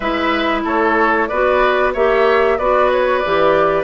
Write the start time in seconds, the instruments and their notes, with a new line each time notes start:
0.00 bassoon G#3, clarinet E4, oboe B4, flute E5
0.64 bassoon A3, oboe A4, flute C#5
1.27 bassoon B3, clarinet F#4, oboe B4, flute D5
1.93 bassoon A#3, clarinet G4, oboe C#5, flute E5
2.58 bassoon B3, clarinet F#4, oboe B4, flute D5
2.92 flute C#5
3.18 clarinet G4, flute D5
3.25 bassoon E3